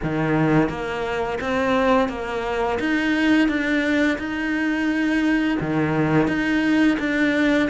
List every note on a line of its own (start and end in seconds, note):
0.03 0.69 D#3
0.69 1.39 A#3
1.40 2.09 C4
2.09 2.78 A#3
2.79 3.48 D#4
3.48 4.18 D4
4.18 5.58 D#4
5.60 6.27 D#3
6.27 6.97 D#4
6.99 7.69 D4